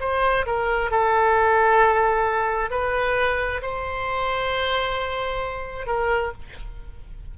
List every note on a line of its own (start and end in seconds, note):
0.00 0.45 C5
0.46 0.90 A#4
0.90 2.70 A4
2.70 3.61 B4
3.62 5.86 C5
5.86 6.32 A#4